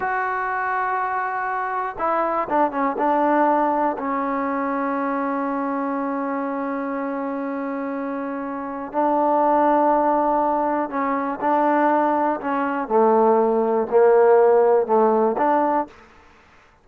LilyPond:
\new Staff \with { instrumentName = "trombone" } { \time 4/4 \tempo 4 = 121 fis'1 | e'4 d'8 cis'8 d'2 | cis'1~ | cis'1~ |
cis'2 d'2~ | d'2 cis'4 d'4~ | d'4 cis'4 a2 | ais2 a4 d'4 | }